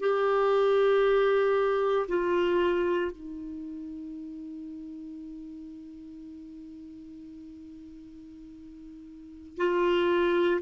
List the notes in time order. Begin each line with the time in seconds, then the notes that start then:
0.00 G4
2.08 F4
3.11 D#4
9.57 F4